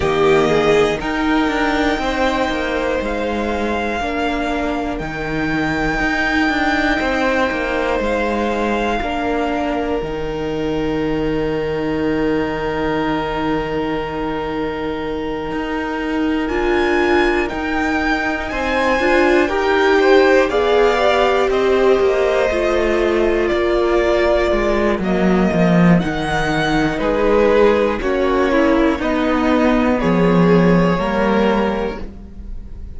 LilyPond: <<
  \new Staff \with { instrumentName = "violin" } { \time 4/4 \tempo 4 = 60 dis''4 g''2 f''4~ | f''4 g''2. | f''2 g''2~ | g''1~ |
g''8 gis''4 g''4 gis''4 g''8~ | g''8 f''4 dis''2 d''8~ | d''4 dis''4 fis''4 b'4 | cis''4 dis''4 cis''2 | }
  \new Staff \with { instrumentName = "violin" } { \time 4/4 g'8 gis'8 ais'4 c''2 | ais'2. c''4~ | c''4 ais'2.~ | ais'1~ |
ais'2~ ais'8 c''4 ais'8 | c''8 d''4 c''2 ais'8~ | ais'2. gis'4 | fis'8 e'8 dis'4 gis'4 ais'4 | }
  \new Staff \with { instrumentName = "viola" } { \time 4/4 ais4 dis'2. | d'4 dis'2.~ | dis'4 d'4 dis'2~ | dis'1~ |
dis'8 f'4 dis'4. f'8 g'8~ | g'8 gis'8 g'4. f'4.~ | f'4 ais4 dis'2 | cis'4 b2 ais4 | }
  \new Staff \with { instrumentName = "cello" } { \time 4/4 dis4 dis'8 d'8 c'8 ais8 gis4 | ais4 dis4 dis'8 d'8 c'8 ais8 | gis4 ais4 dis2~ | dis2.~ dis8 dis'8~ |
dis'8 d'4 dis'4 c'8 d'8 dis'8~ | dis'8 b4 c'8 ais8 a4 ais8~ | ais8 gis8 fis8 f8 dis4 gis4 | ais4 b4 f4 g4 | }
>>